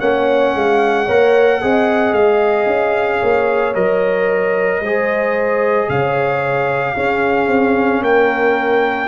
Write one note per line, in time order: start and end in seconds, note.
0.00 0.54 A#3
0.00 1.07 C#4
0.00 0.54 C#5
0.00 2.14 F#5
0.55 1.08 G#3
0.55 1.05 F5
1.05 1.63 A#3
1.05 1.62 A#4
1.05 1.59 C#5
1.62 2.12 C4
1.62 3.75 G#4
1.62 3.20 D#5
2.12 2.66 G#3
2.12 3.75 F5
2.67 3.20 C#4
3.20 3.75 A#3
3.20 4.80 C#5
3.75 4.81 F#3
3.75 4.82 A#4
3.75 5.89 D#5
4.81 5.88 G#3
4.81 6.96 G#4
4.81 5.90 C5
5.89 6.96 C#3
5.89 6.95 C#5
5.89 8.04 F5
6.95 9.08 C#4
6.95 7.48 C#4
6.95 8.02 G#4
7.48 8.01 C4
8.02 9.08 A#3
8.02 9.08 A#4
8.02 9.08 G5